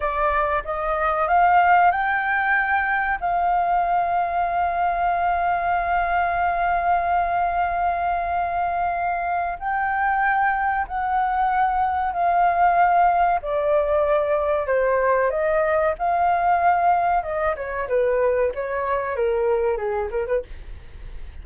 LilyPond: \new Staff \with { instrumentName = "flute" } { \time 4/4 \tempo 4 = 94 d''4 dis''4 f''4 g''4~ | g''4 f''2.~ | f''1~ | f''2. g''4~ |
g''4 fis''2 f''4~ | f''4 d''2 c''4 | dis''4 f''2 dis''8 cis''8 | b'4 cis''4 ais'4 gis'8 ais'16 b'16 | }